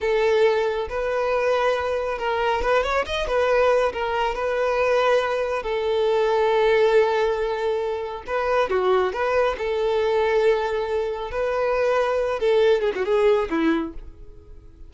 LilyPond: \new Staff \with { instrumentName = "violin" } { \time 4/4 \tempo 4 = 138 a'2 b'2~ | b'4 ais'4 b'8 cis''8 dis''8 b'8~ | b'4 ais'4 b'2~ | b'4 a'2.~ |
a'2. b'4 | fis'4 b'4 a'2~ | a'2 b'2~ | b'8 a'4 gis'16 fis'16 gis'4 e'4 | }